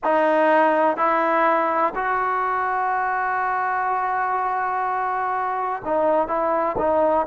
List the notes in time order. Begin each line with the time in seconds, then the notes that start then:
0.04 D#4
0.96 E4
1.95 F#4
5.84 D#4
6.27 E4
6.77 D#4